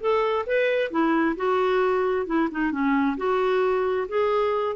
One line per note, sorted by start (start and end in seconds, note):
0.00 0.45 A4
0.46 0.90 B4
0.90 1.36 E4
1.36 2.26 F#4
2.26 2.49 E4
2.51 2.71 D#4
2.71 3.16 C#4
3.17 4.07 F#4
4.08 4.76 G#4